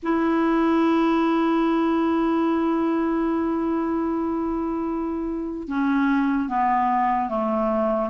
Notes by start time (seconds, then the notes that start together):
0.02 E4
5.68 C#4
6.48 B3
7.29 A3